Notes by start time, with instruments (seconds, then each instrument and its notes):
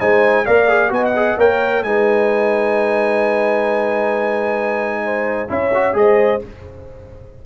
0.00 tuba G#3, trombone D#4, horn C5, trumpet G#5
0.45 tuba A#3, trombone A#4, horn D5, trumpet F5
0.69 trombone G#4
0.90 tuba B3, trombone F#4, horn D#5, trumpet G#5
1.05 trumpet F#5
1.17 trombone G#4
1.38 tuba A#3, trombone A#4, horn C#5, trumpet G5
1.83 tuba G#3, trombone D#4, horn B4, trumpet G#5
5.05 horn C5
5.49 tuba C#4, trombone E4, horn C#5, trumpet E5
5.74 trombone F#4
5.94 tuba G#3, trombone G#4, trumpet D#5
6.00 horn C5